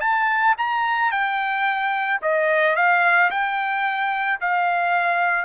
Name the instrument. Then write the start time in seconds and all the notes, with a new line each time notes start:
trumpet
0.00 A5
0.58 A#5
1.11 G5
2.21 D#5
2.75 F5
3.30 G5
4.41 F5